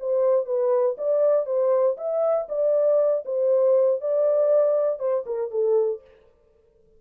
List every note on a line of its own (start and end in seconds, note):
0.00 0.46 C5
0.46 0.96 B4
0.98 1.46 D5
1.46 1.96 C5
1.97 2.48 E5
2.49 3.25 D5
3.25 4.01 C5
4.01 4.99 D5
4.99 5.25 C5
5.26 5.51 A#4
5.51 6.01 A4